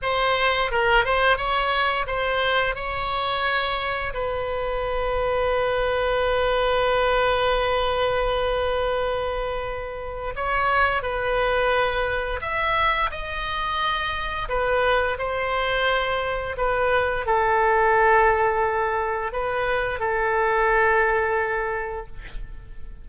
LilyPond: \new Staff \with { instrumentName = "oboe" } { \time 4/4 \tempo 4 = 87 c''4 ais'8 c''8 cis''4 c''4 | cis''2 b'2~ | b'1~ | b'2. cis''4 |
b'2 e''4 dis''4~ | dis''4 b'4 c''2 | b'4 a'2. | b'4 a'2. | }